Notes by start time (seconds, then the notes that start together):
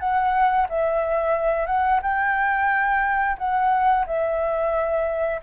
0.00 F#5
0.70 E5
1.67 F#5
2.03 G5
3.38 F#5
4.07 E5